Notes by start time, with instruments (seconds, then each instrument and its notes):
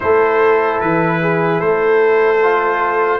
0.00 tuba A3, trombone E4, horn A4, trumpet C5
0.80 tuba E3, trumpet B4
1.21 horn G#4
1.59 tuba A3, horn A4, trumpet C5
2.43 trombone F4